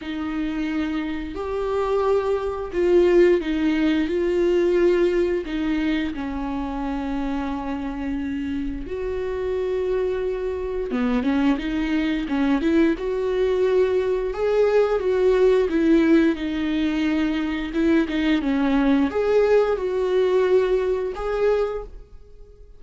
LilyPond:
\new Staff \with { instrumentName = "viola" } { \time 4/4 \tempo 4 = 88 dis'2 g'2 | f'4 dis'4 f'2 | dis'4 cis'2.~ | cis'4 fis'2. |
b8 cis'8 dis'4 cis'8 e'8 fis'4~ | fis'4 gis'4 fis'4 e'4 | dis'2 e'8 dis'8 cis'4 | gis'4 fis'2 gis'4 | }